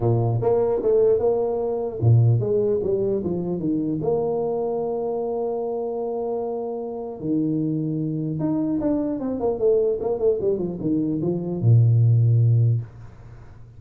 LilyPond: \new Staff \with { instrumentName = "tuba" } { \time 4/4 \tempo 4 = 150 ais,4 ais4 a4 ais4~ | ais4 ais,4 gis4 g4 | f4 dis4 ais2~ | ais1~ |
ais2 dis2~ | dis4 dis'4 d'4 c'8 ais8 | a4 ais8 a8 g8 f8 dis4 | f4 ais,2. | }